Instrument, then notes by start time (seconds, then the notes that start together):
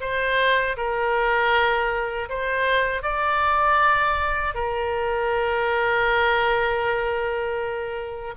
oboe
0.00 C5
0.77 A#4
2.29 C5
3.02 D5
4.54 A#4